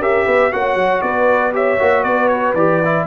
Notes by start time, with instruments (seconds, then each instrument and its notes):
0.00 tuba C#4, trombone G4, horn A#4, trumpet E5
0.25 tuba B3, horn B4
0.52 tuba A#3, trombone F#4, horn C#5, trumpet F#5
0.75 tuba F#3
1.02 tuba B3, horn B4, trumpet D5
1.53 trombone G4, horn C#5, trumpet E5
1.79 tuba A#3, trombone F#4
2.04 tuba B3, horn B4, trumpet D5
2.28 trumpet C#5
2.54 tuba E3, trombone G4, trumpet D5
2.85 trombone E4